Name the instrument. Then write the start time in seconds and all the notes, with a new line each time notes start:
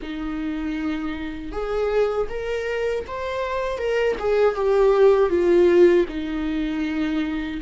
viola
0.01 D#4
1.52 G#4
2.29 A#4
3.07 C5
3.78 A#4
4.19 G#4
4.55 G4
5.29 F4
6.08 D#4